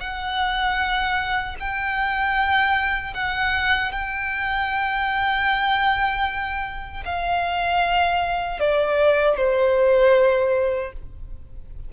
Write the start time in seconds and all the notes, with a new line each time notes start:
0.00 F#5
1.60 G5
3.13 F#5
3.92 G5
7.05 F5
8.59 D5
9.37 C5